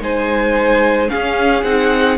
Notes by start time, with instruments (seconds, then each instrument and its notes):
0.00 cello G#3, viola D#4, violin C5 G#5
1.09 viola C#4, violin G#4 F5
1.15 cello C#4
1.63 cello C4, viola D#4, violin F#5